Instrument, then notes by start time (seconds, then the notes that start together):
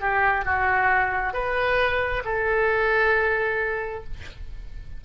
oboe
0.00 G4
0.45 F#4
1.33 B4
2.24 A4